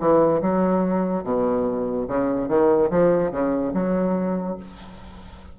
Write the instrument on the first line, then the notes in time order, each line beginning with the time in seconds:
bassoon
0.00 E3
0.42 F#3
1.24 B2
2.08 C#3
2.49 D#3
2.91 F3
3.31 C#3
3.74 F#3